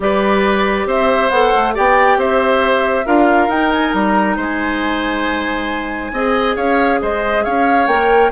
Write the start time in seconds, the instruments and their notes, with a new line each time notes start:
0.00 bassoon G3, clarinet G4, oboe B4, flute D5
0.86 bassoon C4, oboe C5, flute E5
1.29 bassoon B3, clarinet A4, flute F#5
1.55 bassoon A3
1.74 bassoon B3, clarinet G4, oboe D5, flute G5
2.16 bassoon C4, oboe C5, flute E5
3.05 bassoon D4, clarinet F4, oboe A#4, flute F5
3.48 bassoon D#4, clarinet D#4, flute G5
3.72 flute G#5
3.92 bassoon G3, flute A#5
4.36 bassoon G#3, oboe C5, flute G#5
6.12 bassoon C4, clarinet G#4, oboe D#5
6.56 bassoon C#4, oboe C#5, flute F5
7.01 bassoon G#3, oboe C5, flute D#5
7.44 bassoon C#4, oboe C#5, flute F5
7.87 bassoon A#3, clarinet A#4, flute G5